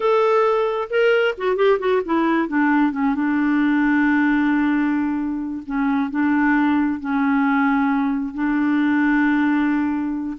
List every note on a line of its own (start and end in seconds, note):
0.00 0.88 A4
0.89 1.35 A#4
1.37 1.56 F#4
1.56 1.78 G4
1.79 2.01 F#4
2.05 2.48 E4
2.48 2.92 D4
2.92 3.14 C#4
3.15 5.63 D4
5.65 6.10 C#4
6.10 7.00 D4
7.00 8.34 C#4
8.34 10.37 D4